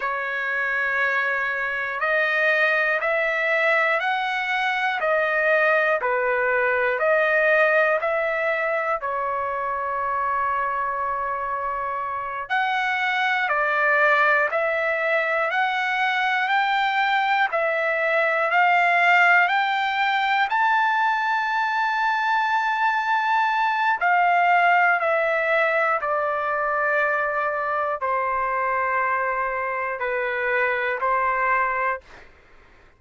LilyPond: \new Staff \with { instrumentName = "trumpet" } { \time 4/4 \tempo 4 = 60 cis''2 dis''4 e''4 | fis''4 dis''4 b'4 dis''4 | e''4 cis''2.~ | cis''8 fis''4 d''4 e''4 fis''8~ |
fis''8 g''4 e''4 f''4 g''8~ | g''8 a''2.~ a''8 | f''4 e''4 d''2 | c''2 b'4 c''4 | }